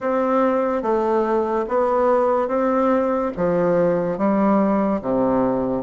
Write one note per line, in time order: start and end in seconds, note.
0.00 0.82 C4
0.82 1.65 A3
1.68 2.48 B3
2.48 3.31 C4
3.36 4.17 F3
4.17 5.01 G3
5.01 5.83 C3